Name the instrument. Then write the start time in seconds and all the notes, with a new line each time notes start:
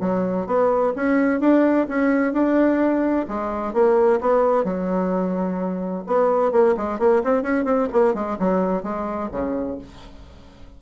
bassoon
0.00 F#3
0.46 B3
0.96 C#4
1.40 D4
1.88 C#4
2.33 D4
3.28 G#3
3.73 A#3
4.20 B3
4.64 F#3
6.06 B3
6.51 A#3
6.77 G#3
6.99 A#3
7.23 C4
7.42 C#4
7.64 C4
7.92 A#3
8.14 G#3
8.38 F#3
8.82 G#3
9.31 C#3